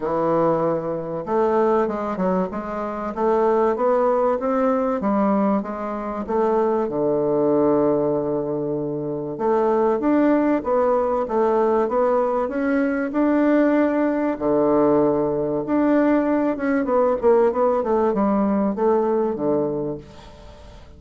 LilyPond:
\new Staff \with { instrumentName = "bassoon" } { \time 4/4 \tempo 4 = 96 e2 a4 gis8 fis8 | gis4 a4 b4 c'4 | g4 gis4 a4 d4~ | d2. a4 |
d'4 b4 a4 b4 | cis'4 d'2 d4~ | d4 d'4. cis'8 b8 ais8 | b8 a8 g4 a4 d4 | }